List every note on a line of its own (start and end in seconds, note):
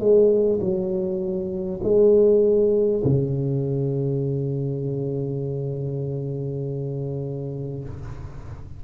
0.00 0.60 G#3
0.61 1.81 F#3
1.83 3.03 G#3
3.04 7.84 C#3